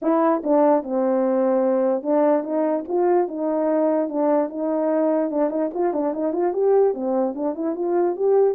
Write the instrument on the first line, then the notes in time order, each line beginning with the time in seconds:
horn
0.02 E4
0.43 D4
0.83 C4
2.02 D4
2.43 D#4
2.88 F4
3.27 D#4
4.09 D4
4.49 D#4
5.30 D4
5.50 D#4
5.73 F4
5.93 D4
6.13 D#4
6.32 F4
6.53 G4
6.94 C4
7.34 D4
7.54 E4
7.75 F4
8.16 G4